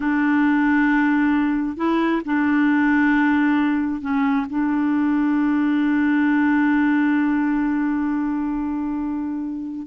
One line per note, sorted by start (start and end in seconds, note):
0.00 1.76 D4
1.76 2.21 E4
2.25 4.01 D4
4.01 4.46 C#4
4.49 9.86 D4